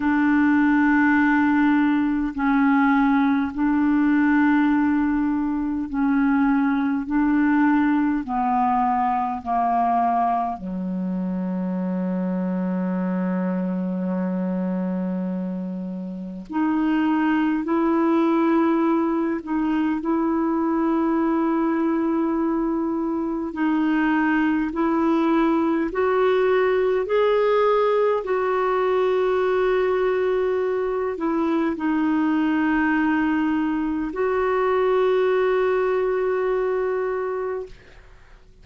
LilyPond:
\new Staff \with { instrumentName = "clarinet" } { \time 4/4 \tempo 4 = 51 d'2 cis'4 d'4~ | d'4 cis'4 d'4 b4 | ais4 fis2.~ | fis2 dis'4 e'4~ |
e'8 dis'8 e'2. | dis'4 e'4 fis'4 gis'4 | fis'2~ fis'8 e'8 dis'4~ | dis'4 fis'2. | }